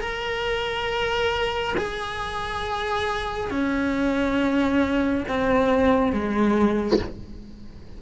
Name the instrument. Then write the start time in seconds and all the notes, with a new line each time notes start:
cello
0.00 A#4
1.77 G#4
3.50 C#4
5.28 C4
6.12 G#3